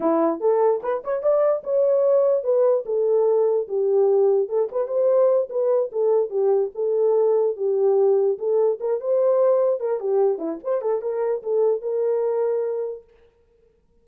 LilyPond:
\new Staff \with { instrumentName = "horn" } { \time 4/4 \tempo 4 = 147 e'4 a'4 b'8 cis''8 d''4 | cis''2 b'4 a'4~ | a'4 g'2 a'8 b'8 | c''4. b'4 a'4 g'8~ |
g'8 a'2 g'4.~ | g'8 a'4 ais'8 c''2 | ais'8 g'4 e'8 c''8 a'8 ais'4 | a'4 ais'2. | }